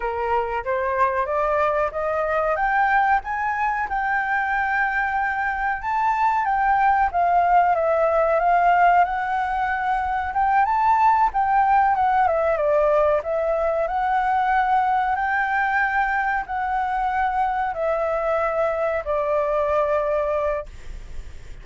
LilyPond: \new Staff \with { instrumentName = "flute" } { \time 4/4 \tempo 4 = 93 ais'4 c''4 d''4 dis''4 | g''4 gis''4 g''2~ | g''4 a''4 g''4 f''4 | e''4 f''4 fis''2 |
g''8 a''4 g''4 fis''8 e''8 d''8~ | d''8 e''4 fis''2 g''8~ | g''4. fis''2 e''8~ | e''4. d''2~ d''8 | }